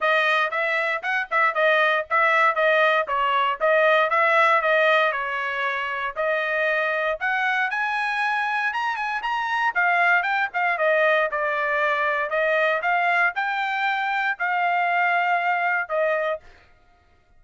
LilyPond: \new Staff \with { instrumentName = "trumpet" } { \time 4/4 \tempo 4 = 117 dis''4 e''4 fis''8 e''8 dis''4 | e''4 dis''4 cis''4 dis''4 | e''4 dis''4 cis''2 | dis''2 fis''4 gis''4~ |
gis''4 ais''8 gis''8 ais''4 f''4 | g''8 f''8 dis''4 d''2 | dis''4 f''4 g''2 | f''2. dis''4 | }